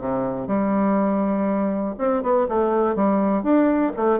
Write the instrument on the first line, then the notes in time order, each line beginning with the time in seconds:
bassoon
0.00 C3
0.48 G3
1.98 C4
2.23 B3
2.49 A3
2.95 G3
3.43 D4
3.97 A3